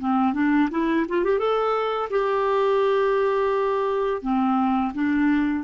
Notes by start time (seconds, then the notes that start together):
0.00 C4
0.34 D4
0.71 E4
1.09 F4
1.25 G4
1.39 A4
2.11 G4
4.22 C4
4.94 D4